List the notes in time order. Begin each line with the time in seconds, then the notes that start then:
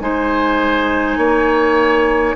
0.00 G#3 D#4 C5 G#5
1.17 A#3 C#5